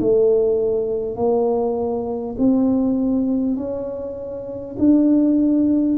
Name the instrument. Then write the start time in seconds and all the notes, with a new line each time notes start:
tuba
0.00 A3
1.16 A#3
2.38 C4
3.56 C#4
4.78 D4